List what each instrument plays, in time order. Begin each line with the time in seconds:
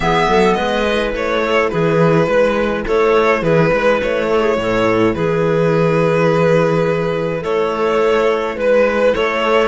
0.00 cello E3, clarinet B3 G#4, violin E5
0.27 cello F#3, clarinet A4
0.53 cello G#3, clarinet B4, violin D#5
0.85 clarinet E4
1.13 cello A3, violin C#5
1.43 clarinet A4
1.69 cello E3, clarinet G#4, violin B4
2.27 cello G#3, clarinet B4
2.86 cello A3, clarinet A4, violin C#5
3.42 cello E3, clarinet G#4, violin B4
3.70 cello G#3, clarinet B4
4.02 cello A3, violin C#5
4.28 clarinet A4
4.41 clarinet G#4
4.57 cello A2, clarinet A4
5.14 cello E3, clarinet G#4, violin B4
7.40 cello A3, clarinet A4, violin C#5
8.55 cello G#3, clarinet B4, violin B4
9.13 cello A3, clarinet A4, violin C#5